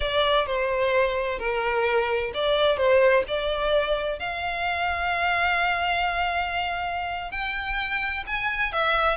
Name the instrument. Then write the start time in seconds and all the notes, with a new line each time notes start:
violin
0.00 D5
0.46 C5
1.38 A#4
2.34 D5
2.77 C5
3.27 D5
4.19 F5
7.31 G5
8.26 G#5
8.72 E5